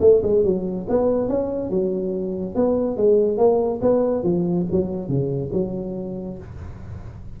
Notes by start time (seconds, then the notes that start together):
0.00 A3
0.22 G#3
0.44 F#3
0.89 B3
1.28 C#4
1.70 F#3
2.55 B3
2.97 G#3
3.37 A#3
3.81 B3
4.23 F3
4.71 F#3
5.08 C#3
5.53 F#3